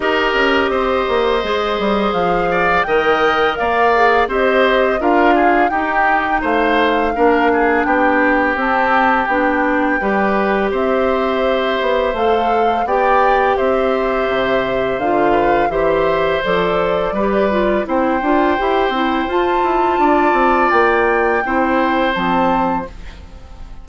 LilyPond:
<<
  \new Staff \with { instrumentName = "flute" } { \time 4/4 \tempo 4 = 84 dis''2. f''4 | g''4 f''4 dis''4 f''4 | g''4 f''2 g''4 | a''4 g''2 e''4~ |
e''4 f''4 g''4 e''4~ | e''4 f''4 e''4 d''4~ | d''4 g''2 a''4~ | a''4 g''2 a''4 | }
  \new Staff \with { instrumentName = "oboe" } { \time 4/4 ais'4 c''2~ c''8 d''8 | dis''4 d''4 c''4 ais'8 gis'8 | g'4 c''4 ais'8 gis'8 g'4~ | g'2 b'4 c''4~ |
c''2 d''4 c''4~ | c''4. b'8 c''2 | b'4 c''2. | d''2 c''2 | }
  \new Staff \with { instrumentName = "clarinet" } { \time 4/4 g'2 gis'2 | ais'4. gis'8 g'4 f'4 | dis'2 d'2 | c'4 d'4 g'2~ |
g'4 a'4 g'2~ | g'4 f'4 g'4 a'4 | g'8 f'8 e'8 f'8 g'8 e'8 f'4~ | f'2 e'4 c'4 | }
  \new Staff \with { instrumentName = "bassoon" } { \time 4/4 dis'8 cis'8 c'8 ais8 gis8 g8 f4 | dis4 ais4 c'4 d'4 | dis'4 a4 ais4 b4 | c'4 b4 g4 c'4~ |
c'8 b8 a4 b4 c'4 | c4 d4 e4 f4 | g4 c'8 d'8 e'8 c'8 f'8 e'8 | d'8 c'8 ais4 c'4 f4 | }
>>